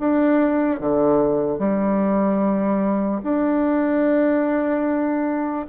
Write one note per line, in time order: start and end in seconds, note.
0.00 0.81 D4
0.81 1.59 D3
1.59 3.21 G3
3.24 5.67 D4